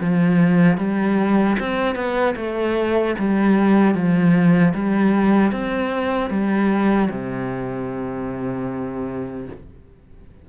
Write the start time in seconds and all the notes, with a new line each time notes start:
0.00 F3
0.77 G3
1.59 C4
1.95 B3
2.36 A3
3.18 G3
3.94 F3
4.74 G3
5.52 C4
6.30 G3
7.11 C3